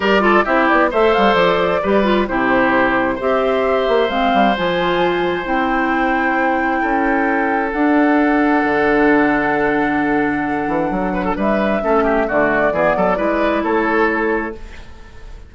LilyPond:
<<
  \new Staff \with { instrumentName = "flute" } { \time 4/4 \tempo 4 = 132 d''4 e''8 d''8 e''8 f''8 d''4~ | d''4 c''2 e''4~ | e''4 f''4 gis''2 | g''1~ |
g''4 fis''2.~ | fis''1~ | fis''4 e''2 d''4~ | d''2 cis''2 | }
  \new Staff \with { instrumentName = "oboe" } { \time 4/4 ais'8 a'8 g'4 c''2 | b'4 g'2 c''4~ | c''1~ | c''2. a'4~ |
a'1~ | a'1~ | a'8 b'16 a'16 b'4 a'8 g'8 fis'4 | gis'8 a'8 b'4 a'2 | }
  \new Staff \with { instrumentName = "clarinet" } { \time 4/4 g'8 f'8 e'4 a'2 | g'8 f'8 e'2 g'4~ | g'4 c'4 f'2 | e'1~ |
e'4 d'2.~ | d'1~ | d'2 cis'4 a4 | b4 e'2. | }
  \new Staff \with { instrumentName = "bassoon" } { \time 4/4 g4 c'8 b8 a8 g8 f4 | g4 c2 c'4~ | c'8 ais8 gis8 g8 f2 | c'2. cis'4~ |
cis'4 d'2 d4~ | d2.~ d8 e8 | fis4 g4 a4 d4 | e8 fis8 gis4 a2 | }
>>